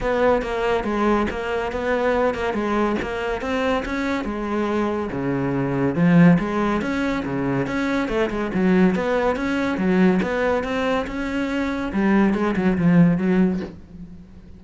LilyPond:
\new Staff \with { instrumentName = "cello" } { \time 4/4 \tempo 4 = 141 b4 ais4 gis4 ais4 | b4. ais8 gis4 ais4 | c'4 cis'4 gis2 | cis2 f4 gis4 |
cis'4 cis4 cis'4 a8 gis8 | fis4 b4 cis'4 fis4 | b4 c'4 cis'2 | g4 gis8 fis8 f4 fis4 | }